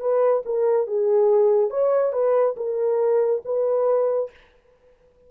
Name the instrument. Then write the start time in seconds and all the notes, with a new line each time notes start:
horn
0.00 B4
0.45 A#4
0.87 G#4
1.70 C#5
2.12 B4
2.57 A#4
3.45 B4